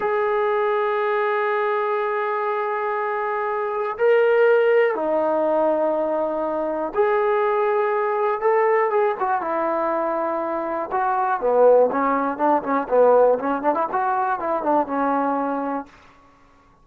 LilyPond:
\new Staff \with { instrumentName = "trombone" } { \time 4/4 \tempo 4 = 121 gis'1~ | gis'1 | ais'2 dis'2~ | dis'2 gis'2~ |
gis'4 a'4 gis'8 fis'8 e'4~ | e'2 fis'4 b4 | cis'4 d'8 cis'8 b4 cis'8 d'16 e'16 | fis'4 e'8 d'8 cis'2 | }